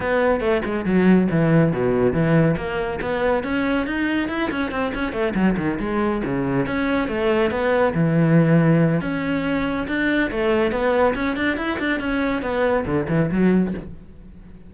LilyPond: \new Staff \with { instrumentName = "cello" } { \time 4/4 \tempo 4 = 140 b4 a8 gis8 fis4 e4 | b,4 e4 ais4 b4 | cis'4 dis'4 e'8 cis'8 c'8 cis'8 | a8 fis8 dis8 gis4 cis4 cis'8~ |
cis'8 a4 b4 e4.~ | e4 cis'2 d'4 | a4 b4 cis'8 d'8 e'8 d'8 | cis'4 b4 d8 e8 fis4 | }